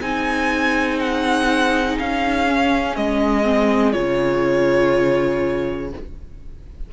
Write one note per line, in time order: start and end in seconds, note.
0.00 1.97 C4
0.00 2.46 D#4
0.00 5.90 G#4
0.00 0.99 G#5
0.99 1.98 F#5
1.99 2.96 C#4
1.99 2.96 F5
2.47 3.43 C#4
2.96 3.95 G#3
2.96 3.92 D#5
3.43 3.92 C4
3.92 5.93 C#3
3.92 5.89 F4
3.92 5.89 C#5